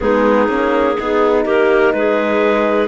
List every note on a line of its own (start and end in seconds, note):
0.00 0.48 G#3
0.00 0.47 B3
0.00 0.96 D#4
0.00 1.44 G#4
0.47 0.96 A#3
0.47 0.96 C#4
0.96 1.45 B3
0.96 2.87 D#4
0.96 1.45 G#4
1.45 1.93 A#3
1.45 1.93 G4
1.45 1.93 A#4
1.93 2.87 G#3
1.93 2.87 G#4
1.93 2.87 B4